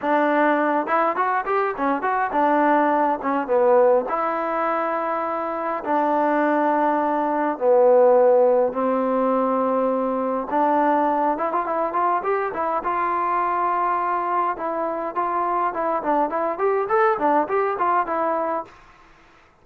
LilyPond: \new Staff \with { instrumentName = "trombone" } { \time 4/4 \tempo 4 = 103 d'4. e'8 fis'8 g'8 cis'8 fis'8 | d'4. cis'8 b4 e'4~ | e'2 d'2~ | d'4 b2 c'4~ |
c'2 d'4. e'16 f'16 | e'8 f'8 g'8 e'8 f'2~ | f'4 e'4 f'4 e'8 d'8 | e'8 g'8 a'8 d'8 g'8 f'8 e'4 | }